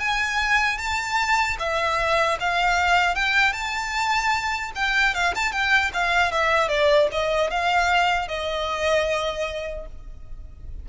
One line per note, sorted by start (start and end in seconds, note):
0.00 0.78 G#5
0.78 1.57 A5
1.59 2.38 E5
2.40 3.15 F5
3.15 3.53 G5
3.53 4.72 A5
4.75 5.15 G5
5.15 5.34 F5
5.35 5.52 A5
5.52 5.91 G5
5.94 6.32 F5
6.32 6.69 E5
6.69 7.08 D5
7.12 7.51 D#5
7.51 8.28 F5
8.28 9.86 D#5